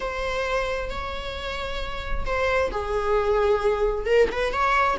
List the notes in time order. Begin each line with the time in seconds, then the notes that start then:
0.00 C5
0.89 C#5
2.25 C5
2.71 G#4
4.06 A#4
4.31 B4
4.52 C#5